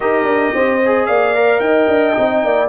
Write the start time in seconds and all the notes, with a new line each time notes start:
0.00 D#4 G4 A#4 D#5
0.23 D4
0.53 C4 C5
0.85 G#4
1.06 A#3 D5 F5
1.35 A#4
1.60 D#4 D#5 G5
1.87 D4
2.13 C4 D#4
2.44 A#3 D5